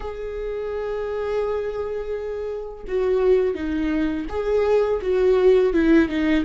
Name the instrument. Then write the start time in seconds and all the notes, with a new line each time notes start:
viola
0.00 G#4
2.87 F#4
3.54 D#4
4.29 G#4
5.01 F#4
5.73 E4
6.08 D#4